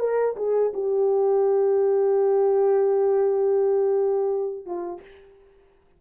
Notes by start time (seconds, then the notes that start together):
0.00 A#4
0.37 G#4
0.74 G4
4.66 F4